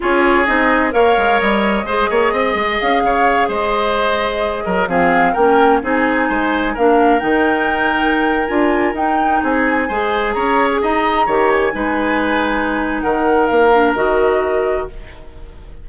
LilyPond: <<
  \new Staff \with { instrumentName = "flute" } { \time 4/4 \tempo 4 = 129 cis''4 dis''4 f''4 dis''4~ | dis''2 f''4. dis''8~ | dis''2~ dis''8 f''4 g''8~ | g''8 gis''2 f''4 g''8~ |
g''2~ g''16 gis''4 g''8.~ | g''16 gis''2 ais''8. gis'16 ais''8.~ | ais''8. gis''2.~ gis''16 | fis''4 f''4 dis''2 | }
  \new Staff \with { instrumentName = "oboe" } { \time 4/4 gis'2 cis''2 | c''8 cis''8 dis''4. cis''4 c''8~ | c''2 ais'8 gis'4 ais'8~ | ais'8 gis'4 c''4 ais'4.~ |
ais'1~ | ais'16 gis'4 c''4 cis''4 dis''8.~ | dis''16 cis''4 b'2~ b'8. | ais'1 | }
  \new Staff \with { instrumentName = "clarinet" } { \time 4/4 f'4 dis'4 ais'2 | gis'1~ | gis'2~ gis'8 c'4 cis'8~ | cis'8 dis'2 d'4 dis'8~ |
dis'2~ dis'16 f'4 dis'8.~ | dis'4~ dis'16 gis'2~ gis'8.~ | gis'16 g'4 dis'2~ dis'8.~ | dis'4. d'8 fis'2 | }
  \new Staff \with { instrumentName = "bassoon" } { \time 4/4 cis'4 c'4 ais8 gis8 g4 | gis8 ais8 c'8 gis8 cis'8 cis4 gis8~ | gis2 fis8 f4 ais8~ | ais8 c'4 gis4 ais4 dis8~ |
dis2~ dis16 d'4 dis'8.~ | dis'16 c'4 gis4 cis'4 dis'8.~ | dis'16 dis4 gis2~ gis8. | dis4 ais4 dis2 | }
>>